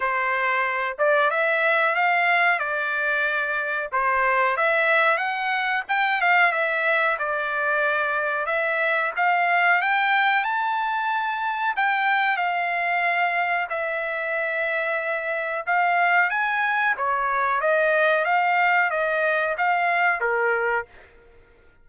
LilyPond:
\new Staff \with { instrumentName = "trumpet" } { \time 4/4 \tempo 4 = 92 c''4. d''8 e''4 f''4 | d''2 c''4 e''4 | fis''4 g''8 f''8 e''4 d''4~ | d''4 e''4 f''4 g''4 |
a''2 g''4 f''4~ | f''4 e''2. | f''4 gis''4 cis''4 dis''4 | f''4 dis''4 f''4 ais'4 | }